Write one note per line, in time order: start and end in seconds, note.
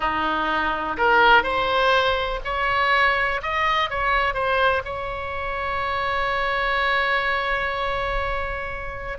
0.00 0.97 D#4
0.97 1.43 A#4
1.43 2.40 C5
2.44 3.41 C#5
3.42 3.90 D#5
3.90 4.34 C#5
4.34 4.82 C5
4.84 9.18 C#5